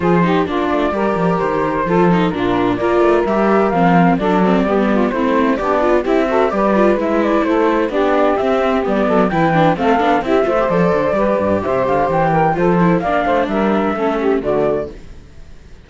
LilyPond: <<
  \new Staff \with { instrumentName = "flute" } { \time 4/4 \tempo 4 = 129 c''4 d''2 c''4~ | c''4 ais'4 d''4 e''4 | f''4 d''2 c''4 | d''4 e''4 d''4 e''8 d''8 |
c''4 d''4 e''4 d''4 | g''4 f''4 e''4 d''4~ | d''4 e''8 f''8 g''4 c''4 | f''4 e''2 d''4 | }
  \new Staff \with { instrumentName = "saxophone" } { \time 4/4 gis'8 g'8 f'4 ais'2 | a'4 f'4 ais'2~ | ais'4 a'4 g'8 f'8 e'4 | d'4 g'8 a'8 b'2 |
a'4 g'2~ g'8 a'8 | b'4 a'4 g'8 c''4. | b'4 c''4. ais'8 a'4 | d''8 c''8 ais'4 a'8 g'8 fis'4 | }
  \new Staff \with { instrumentName = "viola" } { \time 4/4 f'8 dis'8 d'4 g'2 | f'8 dis'8 d'4 f'4 g'4 | c'4 d'8 c'8 b4 c'4 | g'8 f'8 e'8 fis'8 g'8 f'8 e'4~ |
e'4 d'4 c'4 b4 | e'8 d'8 c'8 d'8 e'8 f'16 g'16 a'4 | g'2. f'8 e'8 | d'2 cis'4 a4 | }
  \new Staff \with { instrumentName = "cello" } { \time 4/4 f4 ais8 a8 g8 f8 dis4 | f4 ais,4 ais8 a8 g4 | f4 fis4 g4 a4 | b4 c'4 g4 gis4 |
a4 b4 c'4 g8 fis8 | e4 a8 b8 c'8 a8 f8 d8 | g8 g,8 c8 d8 e4 f4 | ais8 a8 g4 a4 d4 | }
>>